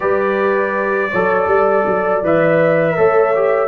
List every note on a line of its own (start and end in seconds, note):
0.00 1.12 G3
0.00 1.09 G4
0.00 1.10 B4
0.00 2.21 D5
1.10 1.47 F#3
1.10 2.23 A4
1.10 1.47 C#5
1.47 1.84 G3
1.47 2.95 D5
1.86 2.22 F#3
2.22 2.96 E3
2.22 2.96 B4
2.22 3.67 E5
2.96 3.67 A3
2.96 3.33 A4
2.96 3.67 C#5
3.35 3.67 G4